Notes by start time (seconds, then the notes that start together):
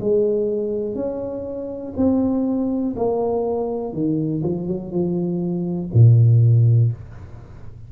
0.00 G#3
0.95 C#4
1.96 C4
2.96 A#3
3.93 D#3
4.43 F3
4.67 F#3
4.91 F3
5.93 A#2